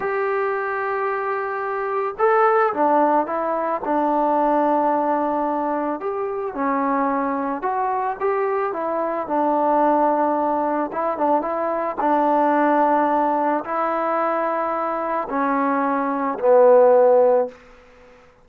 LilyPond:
\new Staff \with { instrumentName = "trombone" } { \time 4/4 \tempo 4 = 110 g'1 | a'4 d'4 e'4 d'4~ | d'2. g'4 | cis'2 fis'4 g'4 |
e'4 d'2. | e'8 d'8 e'4 d'2~ | d'4 e'2. | cis'2 b2 | }